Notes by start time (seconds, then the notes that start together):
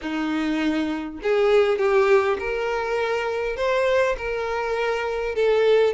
0.01 D#4
1.22 G#4
1.78 G4
2.39 A#4
3.56 C5
4.17 A#4
5.35 A4